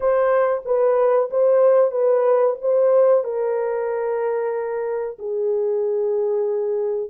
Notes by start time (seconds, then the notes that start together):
0.00 C5
0.65 B4
1.30 C5
1.91 B4
2.61 C5
3.24 A#4
5.18 G#4